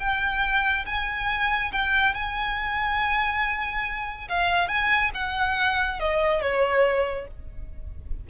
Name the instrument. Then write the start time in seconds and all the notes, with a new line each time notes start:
violin
0.00 G5
0.86 G#5
1.73 G5
2.14 G#5
4.29 F5
4.69 G#5
5.15 F#5
6.00 D#5
6.42 C#5